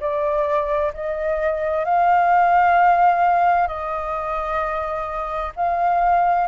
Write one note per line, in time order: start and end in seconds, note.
0.00 0.92 D5
0.94 1.85 D#5
1.85 3.68 F5
3.68 5.52 D#5
5.56 6.47 F5